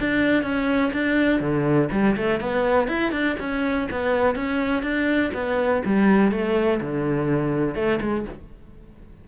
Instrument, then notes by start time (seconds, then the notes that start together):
cello
0.00 D4
0.43 C#4
0.94 D4
1.41 D3
1.92 G3
2.17 A3
2.41 B3
2.88 E4
3.12 D4
3.40 C#4
3.91 B3
4.36 C#4
4.83 D4
5.34 B3
5.86 G3
6.32 A3
6.81 D3
7.75 A3
8.02 G#3